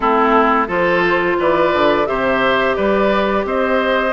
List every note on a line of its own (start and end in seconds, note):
0.00 0.68 A3
0.00 0.67 C4
0.00 0.67 E4
0.00 0.67 A4
0.67 1.36 F3
0.67 2.05 F4
0.67 1.36 A4
0.67 1.40 C5
1.38 1.73 E3
1.38 2.08 B4
1.38 2.06 D5
1.73 2.07 D3
2.05 2.77 C3
2.05 4.12 G4
2.05 2.76 C5
2.05 2.75 E5
2.75 3.44 G3
2.75 3.45 B4
2.75 3.44 D5
3.44 4.12 C4
3.44 4.12 C5
3.44 4.12 D#5